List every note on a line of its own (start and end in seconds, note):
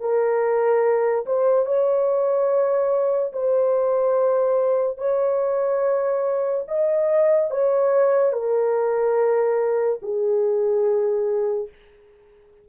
0.00 1.25 A#4
1.26 1.66 C5
1.66 3.32 C#5
3.33 4.98 C5
4.98 6.64 C#5
6.68 7.50 D#5
7.50 8.33 C#5
8.33 9.99 A#4
10.02 11.69 G#4